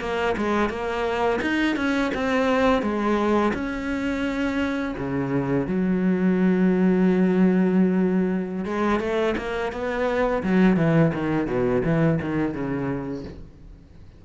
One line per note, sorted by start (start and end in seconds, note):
0.00 0.35 A#3
0.37 0.69 G#3
0.69 1.40 A#3
1.41 1.76 D#4
1.76 2.11 C#4
2.14 2.82 C4
2.82 3.52 G#3
3.54 4.95 C#4
4.97 5.67 C#3
5.67 8.64 F#3
8.64 8.99 G#3
8.99 9.35 A3
9.37 9.72 A#3
9.72 10.42 B3
10.42 10.76 F#3
10.76 11.11 E3
11.14 11.46 D#3
11.46 11.82 B2
11.84 12.19 E3
12.21 12.53 D#3
12.53 13.24 C#3